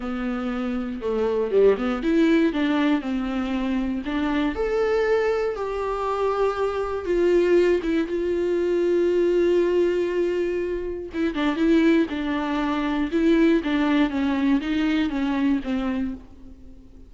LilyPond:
\new Staff \with { instrumentName = "viola" } { \time 4/4 \tempo 4 = 119 b2 a4 g8 b8 | e'4 d'4 c'2 | d'4 a'2 g'4~ | g'2 f'4. e'8 |
f'1~ | f'2 e'8 d'8 e'4 | d'2 e'4 d'4 | cis'4 dis'4 cis'4 c'4 | }